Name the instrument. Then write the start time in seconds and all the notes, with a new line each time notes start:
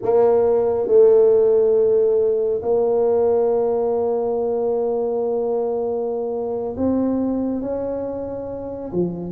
tuba
0.02 A#3
0.87 A3
2.62 A#3
6.76 C4
7.61 C#4
8.92 F3